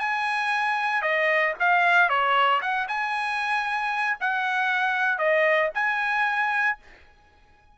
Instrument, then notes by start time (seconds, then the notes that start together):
trumpet
0.00 G#5
1.03 D#5
1.60 F5
2.09 C#5
2.62 F#5
2.88 G#5
4.21 F#5
5.19 D#5
5.75 G#5